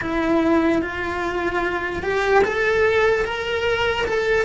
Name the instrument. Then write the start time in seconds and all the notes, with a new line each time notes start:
cello
0.01 E4
0.82 F4
2.02 G4
2.43 A4
3.24 A#4
4.06 A4